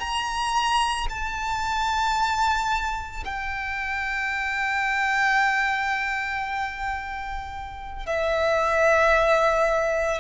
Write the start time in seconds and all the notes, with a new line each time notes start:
0.00 A#5
1.10 A5
3.26 G5
8.06 E5